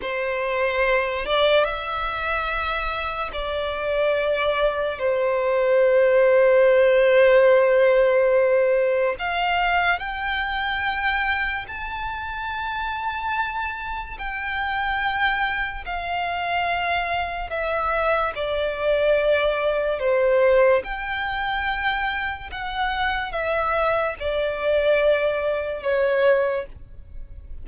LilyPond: \new Staff \with { instrumentName = "violin" } { \time 4/4 \tempo 4 = 72 c''4. d''8 e''2 | d''2 c''2~ | c''2. f''4 | g''2 a''2~ |
a''4 g''2 f''4~ | f''4 e''4 d''2 | c''4 g''2 fis''4 | e''4 d''2 cis''4 | }